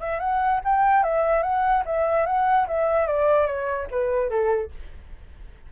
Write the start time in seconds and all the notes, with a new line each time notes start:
0.00 E5
0.19 F#5
0.64 G5
1.03 E5
1.43 F#5
1.86 E5
2.26 F#5
2.68 E5
3.07 D5
3.46 C#5
3.91 B4
4.30 A4